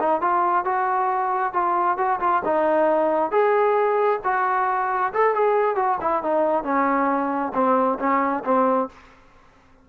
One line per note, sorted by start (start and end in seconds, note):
0.00 0.21 D#4
0.21 0.65 F4
0.65 1.53 F#4
1.53 1.98 F4
1.98 2.20 F#4
2.20 2.43 F4
2.45 3.32 D#4
3.32 4.20 G#4
4.24 5.13 F#4
5.13 5.35 A4
5.35 5.76 G#4
5.76 5.98 F#4
6.01 6.23 E4
6.23 6.64 D#4
6.64 7.53 C#4
7.54 7.99 C4
7.99 8.44 C#4
8.45 8.89 C4